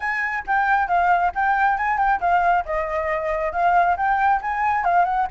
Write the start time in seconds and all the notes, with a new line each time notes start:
0.00 G#5
0.46 G5
0.87 F5
1.34 G5
1.77 G#5
1.97 G5
2.20 F5
2.65 D#5
3.52 F5
3.96 G5
4.41 G#5
4.84 F5
5.05 F#5